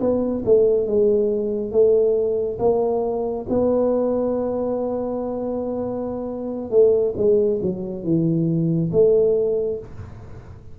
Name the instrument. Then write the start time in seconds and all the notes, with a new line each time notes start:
tuba
0.00 B3
0.45 A3
0.87 G#3
1.72 A3
2.59 A#3
3.49 B3
6.71 A3
7.17 G#3
7.62 F#3
8.04 E3
8.92 A3